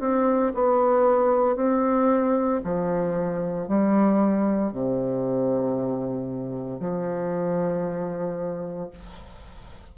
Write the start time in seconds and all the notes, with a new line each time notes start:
0.00 C4
0.55 B3
1.56 C4
2.64 F3
3.68 G3
4.72 C3
6.80 F3